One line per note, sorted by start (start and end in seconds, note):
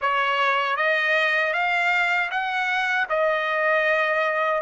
0.01 0.76 C#5
0.76 1.53 D#5
1.53 2.30 F5
2.30 3.07 F#5
3.09 4.62 D#5